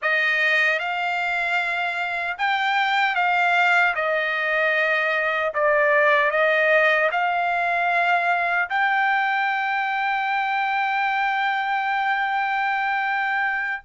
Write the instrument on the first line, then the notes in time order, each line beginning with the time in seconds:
trumpet
0.02 D#5
0.79 F5
2.38 G5
3.15 F5
3.95 D#5
5.54 D5
6.31 D#5
7.11 F5
8.69 G5